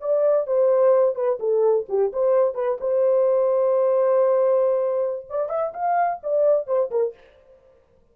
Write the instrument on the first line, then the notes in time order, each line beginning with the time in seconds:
horn
0.00 D5
0.46 C5
1.15 B4
1.39 A4
1.88 G4
2.12 C5
2.54 B4
2.80 C5
5.29 D5
5.49 E5
5.73 F5
6.23 D5
6.66 C5
6.90 A#4